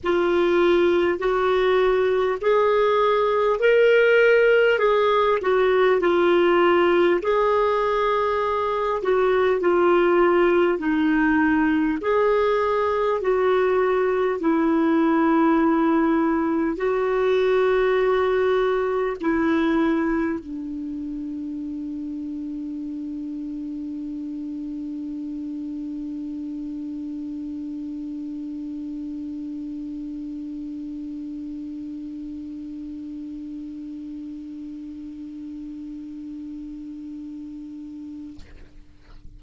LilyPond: \new Staff \with { instrumentName = "clarinet" } { \time 4/4 \tempo 4 = 50 f'4 fis'4 gis'4 ais'4 | gis'8 fis'8 f'4 gis'4. fis'8 | f'4 dis'4 gis'4 fis'4 | e'2 fis'2 |
e'4 d'2.~ | d'1~ | d'1~ | d'1 | }